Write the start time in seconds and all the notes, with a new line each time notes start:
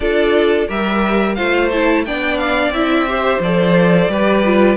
0.00 D4 F4 A4 D5
0.67 G3 G4 A#4 E5
1.35 A3 F4 C5 F5
1.70 E4 A5
2.05 B3 D4 D5 G5
2.38 F5
2.69 C4 E4 E5
3.07 G4 C5
3.39 F3 A4 D5
4.08 G3 G4 B4
4.44 F4